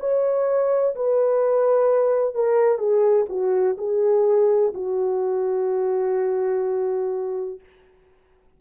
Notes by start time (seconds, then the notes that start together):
0.00 C#5
0.96 B4
2.35 A#4
2.78 G#4
3.29 F#4
3.78 G#4
4.74 F#4